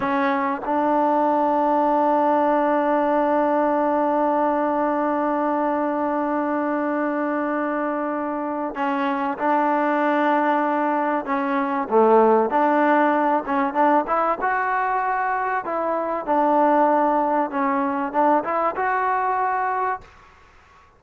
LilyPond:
\new Staff \with { instrumentName = "trombone" } { \time 4/4 \tempo 4 = 96 cis'4 d'2.~ | d'1~ | d'1~ | d'2 cis'4 d'4~ |
d'2 cis'4 a4 | d'4. cis'8 d'8 e'8 fis'4~ | fis'4 e'4 d'2 | cis'4 d'8 e'8 fis'2 | }